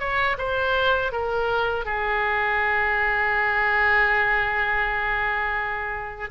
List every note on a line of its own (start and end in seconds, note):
0.00 0.37 C#5
0.38 1.12 C5
1.12 1.86 A#4
1.86 6.30 G#4